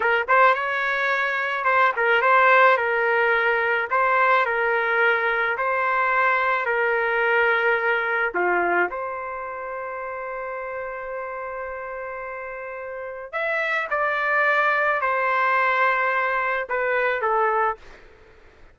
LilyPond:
\new Staff \with { instrumentName = "trumpet" } { \time 4/4 \tempo 4 = 108 ais'8 c''8 cis''2 c''8 ais'8 | c''4 ais'2 c''4 | ais'2 c''2 | ais'2. f'4 |
c''1~ | c''1 | e''4 d''2 c''4~ | c''2 b'4 a'4 | }